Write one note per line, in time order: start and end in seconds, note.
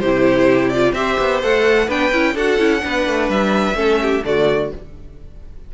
0.00 0.93 C3
0.00 0.74 E4
0.00 0.94 G4
0.00 0.69 C5
0.69 0.96 F4
0.69 0.93 D5
0.93 1.17 C4
0.93 1.43 G4
0.93 1.87 C5
0.93 1.41 E5
1.20 1.43 B3
1.43 1.88 A3
1.43 1.89 A4
1.43 1.90 F#5
1.87 2.12 B3
1.87 2.12 D4
1.87 2.34 B4
1.87 2.37 G5
2.12 2.35 C#4
2.12 2.36 E4
2.35 2.59 D4
2.35 2.59 F#4
2.35 2.82 A4
2.35 3.30 F#5
2.59 2.83 C#4
2.59 2.81 E4
2.81 3.08 B3
2.81 3.74 D4
2.81 3.77 B4
3.08 3.29 A3
3.29 3.75 G3
3.29 4.24 E5
3.75 4.21 A3
3.75 4.22 C#4
3.75 4.00 A4
4.02 4.25 G4
4.25 4.72 D3
4.25 4.72 A3
4.25 4.74 F#4
4.25 4.72 D5